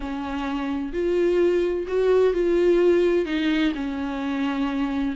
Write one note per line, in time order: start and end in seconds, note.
0.00 0.92 C#4
0.92 1.86 F4
1.87 2.33 F#4
2.33 3.25 F4
3.25 3.72 D#4
3.74 5.15 C#4